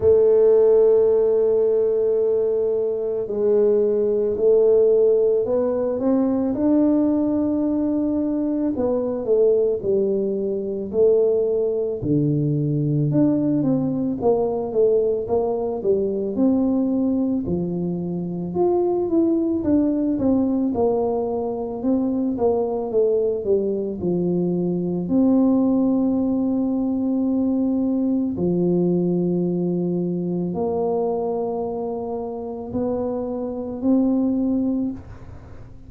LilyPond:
\new Staff \with { instrumentName = "tuba" } { \time 4/4 \tempo 4 = 55 a2. gis4 | a4 b8 c'8 d'2 | b8 a8 g4 a4 d4 | d'8 c'8 ais8 a8 ais8 g8 c'4 |
f4 f'8 e'8 d'8 c'8 ais4 | c'8 ais8 a8 g8 f4 c'4~ | c'2 f2 | ais2 b4 c'4 | }